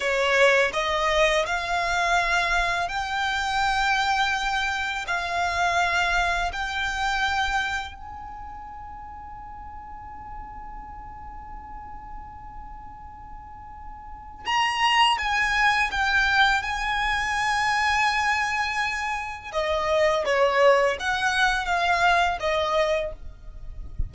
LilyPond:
\new Staff \with { instrumentName = "violin" } { \time 4/4 \tempo 4 = 83 cis''4 dis''4 f''2 | g''2. f''4~ | f''4 g''2 gis''4~ | gis''1~ |
gis''1 | ais''4 gis''4 g''4 gis''4~ | gis''2. dis''4 | cis''4 fis''4 f''4 dis''4 | }